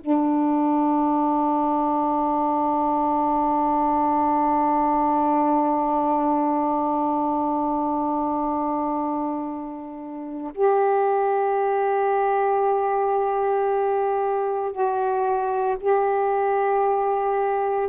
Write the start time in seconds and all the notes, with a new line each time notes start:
0.00 D4
10.54 G4
14.72 F#4
15.80 G4